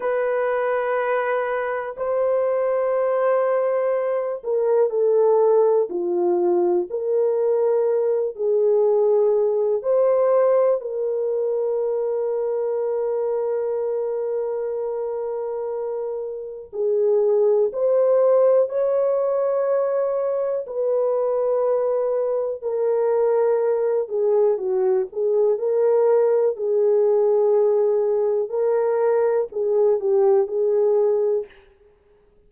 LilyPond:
\new Staff \with { instrumentName = "horn" } { \time 4/4 \tempo 4 = 61 b'2 c''2~ | c''8 ais'8 a'4 f'4 ais'4~ | ais'8 gis'4. c''4 ais'4~ | ais'1~ |
ais'4 gis'4 c''4 cis''4~ | cis''4 b'2 ais'4~ | ais'8 gis'8 fis'8 gis'8 ais'4 gis'4~ | gis'4 ais'4 gis'8 g'8 gis'4 | }